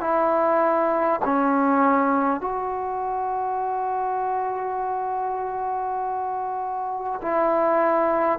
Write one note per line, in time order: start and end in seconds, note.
0.00 1.20 E4
1.24 2.41 C#4
2.41 7.21 F#4
7.22 8.38 E4